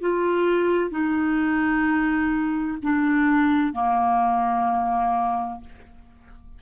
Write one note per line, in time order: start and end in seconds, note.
0.00 0.90 F4
0.90 2.78 D#4
2.83 3.73 D4
3.73 5.60 A#3